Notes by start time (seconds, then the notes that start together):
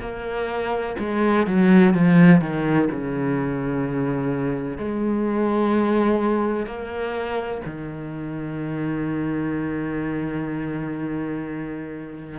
0.00 A#3
0.99 G#3
1.46 F#3
1.93 F3
2.40 D#3
2.90 C#3
4.77 G#3
6.66 A#3
7.65 D#3